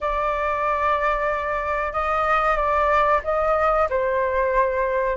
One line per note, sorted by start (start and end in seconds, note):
0.00 1.92 D5
1.92 2.56 D#5
2.56 3.21 D5
3.24 3.88 D#5
3.89 5.16 C5